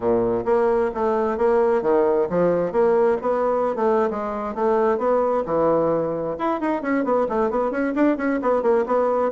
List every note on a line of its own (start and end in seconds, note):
0.00 0.44 A#2
0.45 0.90 A#3
0.94 1.37 A3
1.37 1.82 A#3
1.82 2.27 D#3
2.29 2.71 F3
2.71 3.17 A#3
3.21 3.75 B3
3.75 4.09 A3
4.10 4.54 G#3
4.54 4.98 A3
4.98 5.43 B3
5.45 6.36 E3
6.38 6.60 E4
6.60 6.82 D#4
6.82 7.04 C#4
7.04 7.27 B3
7.29 7.50 A3
7.50 7.71 B3
7.71 7.93 C#4
7.95 8.17 D4
8.17 8.40 C#4
8.42 8.62 B3
8.62 8.85 A#3
8.86 9.31 B3